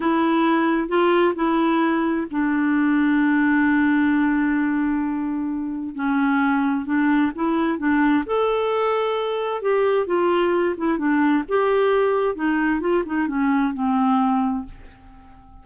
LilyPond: \new Staff \with { instrumentName = "clarinet" } { \time 4/4 \tempo 4 = 131 e'2 f'4 e'4~ | e'4 d'2.~ | d'1~ | d'4 cis'2 d'4 |
e'4 d'4 a'2~ | a'4 g'4 f'4. e'8 | d'4 g'2 dis'4 | f'8 dis'8 cis'4 c'2 | }